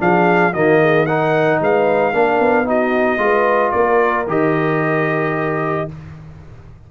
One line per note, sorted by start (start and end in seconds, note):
0.00 0.54 F3
0.00 0.54 D4
0.00 0.53 G#4
0.00 0.54 F5
0.53 1.61 D#3
0.53 1.07 A#3
0.53 0.80 F#4
0.53 1.06 D#5
0.81 1.07 G#4
1.06 2.13 D#4
1.06 1.60 A#4
1.06 1.60 F#5
1.61 2.13 G#3
1.61 2.14 B4
1.61 2.69 F5
2.13 2.40 A#3
2.13 2.65 D4
2.13 2.67 A#4
2.40 3.18 B3
2.65 3.18 D#4
2.65 3.21 F#4
2.65 3.72 D#5
3.18 3.72 G#3
3.18 4.26 F4
3.18 3.73 B4
3.72 4.27 A#3
3.72 5.87 A#4
3.72 4.25 D5
4.27 5.88 D#3
4.27 5.89 G4
4.27 5.91 D#5